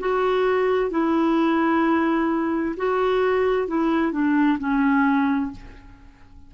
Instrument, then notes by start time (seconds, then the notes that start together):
clarinet
0.00 F#4
0.91 E4
2.77 F#4
3.68 E4
4.12 D4
4.59 C#4